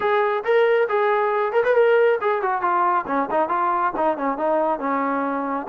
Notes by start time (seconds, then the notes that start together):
0.00 G#4
0.44 A#4
0.88 G#4
1.52 A#4
1.64 B4
1.75 A#4
2.21 G#4
2.42 F#4
2.61 F4
3.07 C#4
3.31 D#4
3.48 F4
3.96 D#4
4.17 C#4
4.37 D#4
4.79 C#4